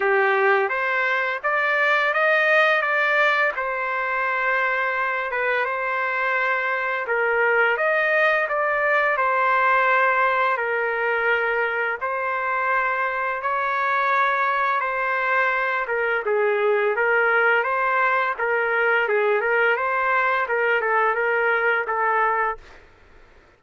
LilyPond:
\new Staff \with { instrumentName = "trumpet" } { \time 4/4 \tempo 4 = 85 g'4 c''4 d''4 dis''4 | d''4 c''2~ c''8 b'8 | c''2 ais'4 dis''4 | d''4 c''2 ais'4~ |
ais'4 c''2 cis''4~ | cis''4 c''4. ais'8 gis'4 | ais'4 c''4 ais'4 gis'8 ais'8 | c''4 ais'8 a'8 ais'4 a'4 | }